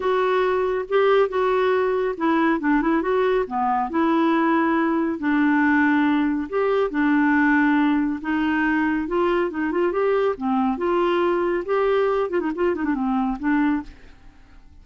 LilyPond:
\new Staff \with { instrumentName = "clarinet" } { \time 4/4 \tempo 4 = 139 fis'2 g'4 fis'4~ | fis'4 e'4 d'8 e'8 fis'4 | b4 e'2. | d'2. g'4 |
d'2. dis'4~ | dis'4 f'4 dis'8 f'8 g'4 | c'4 f'2 g'4~ | g'8 f'16 dis'16 f'8 dis'16 d'16 c'4 d'4 | }